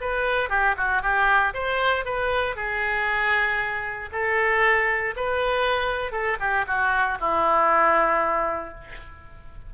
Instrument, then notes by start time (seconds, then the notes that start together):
oboe
0.00 B4
0.49 G4
0.76 F#4
1.02 G4
1.53 C5
2.05 B4
2.55 G#4
4.12 A4
5.16 B4
6.11 A4
6.40 G4
6.66 F#4
7.20 E4